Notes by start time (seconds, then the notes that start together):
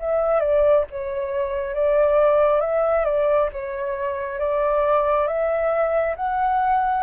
0.00 E5
0.40 D5
0.90 C#5
1.74 D5
2.61 E5
3.05 D5
3.53 C#5
4.39 D5
5.27 E5
6.16 F#5